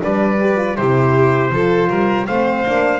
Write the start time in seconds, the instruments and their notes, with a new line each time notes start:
0.00 double bass G3, horn D4, violin B4, trumpet D5
0.40 horn G4
0.56 horn F4
0.76 double bass C3, horn E4, violin G4, trumpet C5
1.51 double bass F3, horn F4, violin A4
1.89 double bass G3, violin A#4
2.26 double bass A3, horn C4, violin C5, trumpet F5
2.65 double bass A#3, horn D4